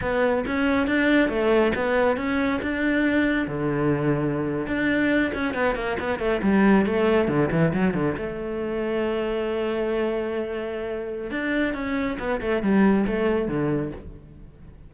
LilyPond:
\new Staff \with { instrumentName = "cello" } { \time 4/4 \tempo 4 = 138 b4 cis'4 d'4 a4 | b4 cis'4 d'2 | d2~ d8. d'4~ d'16~ | d'16 cis'8 b8 ais8 b8 a8 g4 a16~ |
a8. d8 e8 fis8 d8 a4~ a16~ | a1~ | a2 d'4 cis'4 | b8 a8 g4 a4 d4 | }